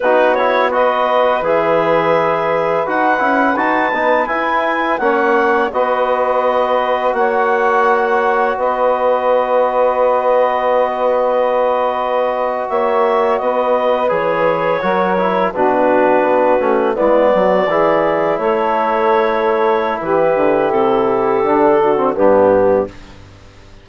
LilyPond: <<
  \new Staff \with { instrumentName = "clarinet" } { \time 4/4 \tempo 4 = 84 b'8 cis''8 dis''4 e''2 | fis''4 a''4 gis''4 fis''4 | dis''2 fis''2 | dis''1~ |
dis''4.~ dis''16 e''4 dis''4 cis''16~ | cis''4.~ cis''16 b'2 d''16~ | d''4.~ d''16 cis''2~ cis''16 | b'4 a'2 g'4 | }
  \new Staff \with { instrumentName = "saxophone" } { \time 4/4 fis'4 b'2.~ | b'2. cis''4 | b'2 cis''2 | b'1~ |
b'4.~ b'16 cis''4 b'4~ b'16~ | b'8. ais'4 fis'2 e'16~ | e'16 fis'8 gis'4 a'2~ a'16 | g'2~ g'8 fis'8 d'4 | }
  \new Staff \with { instrumentName = "trombone" } { \time 4/4 dis'8 e'8 fis'4 gis'2 | fis'8 e'8 fis'8 dis'8 e'4 cis'4 | fis'1~ | fis'1~ |
fis'2.~ fis'8. gis'16~ | gis'8. fis'8 e'8 d'4. cis'8 b16~ | b8. e'2.~ e'16~ | e'2 d'8. c'16 b4 | }
  \new Staff \with { instrumentName = "bassoon" } { \time 4/4 b2 e2 | dis'8 cis'8 dis'8 b8 e'4 ais4 | b2 ais2 | b1~ |
b4.~ b16 ais4 b4 e16~ | e8. fis4 b,4 b8 a8 gis16~ | gis16 fis8 e4 a2~ a16 | e8 d8 c4 d4 g,4 | }
>>